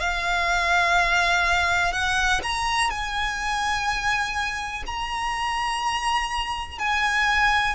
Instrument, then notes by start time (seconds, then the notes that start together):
violin
0.00 F5
1.93 F#5
2.43 A#5
2.90 G#5
4.87 A#5
6.79 G#5